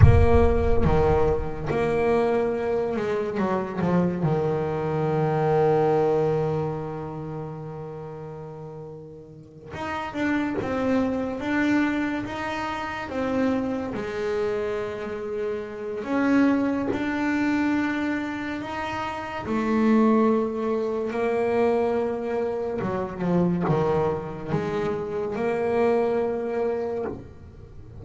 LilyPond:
\new Staff \with { instrumentName = "double bass" } { \time 4/4 \tempo 4 = 71 ais4 dis4 ais4. gis8 | fis8 f8 dis2.~ | dis2.~ dis8 dis'8 | d'8 c'4 d'4 dis'4 c'8~ |
c'8 gis2~ gis8 cis'4 | d'2 dis'4 a4~ | a4 ais2 fis8 f8 | dis4 gis4 ais2 | }